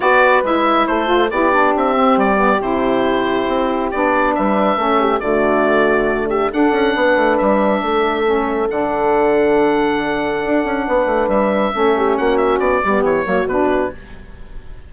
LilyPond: <<
  \new Staff \with { instrumentName = "oboe" } { \time 4/4 \tempo 4 = 138 d''4 e''4 c''4 d''4 | e''4 d''4 c''2~ | c''4 d''4 e''2 | d''2~ d''8 e''8 fis''4~ |
fis''4 e''2. | fis''1~ | fis''2 e''2 | fis''8 e''8 d''4 cis''4 b'4 | }
  \new Staff \with { instrumentName = "horn" } { \time 4/4 b'2 a'4 g'4~ | g'1~ | g'2 b'4 a'8 g'8 | fis'2~ fis'8 g'8 a'4 |
b'2 a'2~ | a'1~ | a'4 b'2 a'8 g'8 | fis'4. g'4 fis'4. | }
  \new Staff \with { instrumentName = "saxophone" } { \time 4/4 fis'4 e'4. f'8 e'8 d'8~ | d'8 c'4 b8 e'2~ | e'4 d'2 cis'4 | a2. d'4~ |
d'2. cis'4 | d'1~ | d'2. cis'4~ | cis'4. b4 ais8 d'4 | }
  \new Staff \with { instrumentName = "bassoon" } { \time 4/4 b4 gis4 a4 b4 | c'4 g4 c2 | c'4 b4 g4 a4 | d2. d'8 cis'8 |
b8 a8 g4 a2 | d1 | d'8 cis'8 b8 a8 g4 a4 | ais4 b8 g8 e8 fis8 b,4 | }
>>